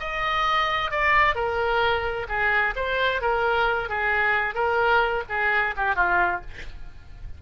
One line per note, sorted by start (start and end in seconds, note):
0.00 0.91 D#5
0.91 1.35 D5
1.35 2.27 A#4
2.29 2.74 G#4
2.76 3.22 C5
3.22 3.89 A#4
3.89 4.55 G#4
4.55 5.24 A#4
5.29 5.75 G#4
5.77 5.95 G4
5.95 6.41 F4